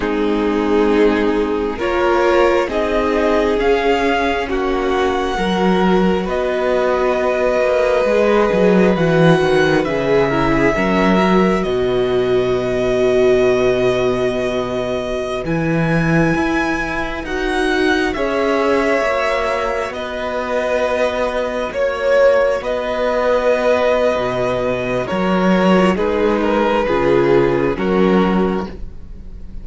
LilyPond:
<<
  \new Staff \with { instrumentName = "violin" } { \time 4/4 \tempo 4 = 67 gis'2 cis''4 dis''4 | f''4 fis''2 dis''4~ | dis''2 fis''4 e''4~ | e''4 dis''2.~ |
dis''4~ dis''16 gis''2 fis''8.~ | fis''16 e''2 dis''4.~ dis''16~ | dis''16 cis''4 dis''2~ dis''8. | cis''4 b'2 ais'4 | }
  \new Staff \with { instrumentName = "violin" } { \time 4/4 dis'2 ais'4 gis'4~ | gis'4 fis'4 ais'4 b'4~ | b'2.~ b'8 ais'16 gis'16 | ais'4 b'2.~ |
b'1~ | b'16 cis''2 b'4.~ b'16~ | b'16 cis''4 b'2~ b'8. | ais'4 gis'8 ais'8 gis'4 fis'4 | }
  \new Staff \with { instrumentName = "viola" } { \time 4/4 c'2 f'4 dis'4 | cis'2 fis'2~ | fis'4 gis'4 fis'4 gis'8 e'8 | cis'8 fis'2.~ fis'8~ |
fis'4~ fis'16 e'2 fis'8.~ | fis'16 gis'4 fis'2~ fis'8.~ | fis'1~ | fis'8. f'16 dis'4 f'4 cis'4 | }
  \new Staff \with { instrumentName = "cello" } { \time 4/4 gis2 ais4 c'4 | cis'4 ais4 fis4 b4~ | b8 ais8 gis8 fis8 e8 dis8 cis4 | fis4 b,2.~ |
b,4~ b,16 e4 e'4 dis'8.~ | dis'16 cis'4 ais4 b4.~ b16~ | b16 ais4 b4.~ b16 b,4 | fis4 gis4 cis4 fis4 | }
>>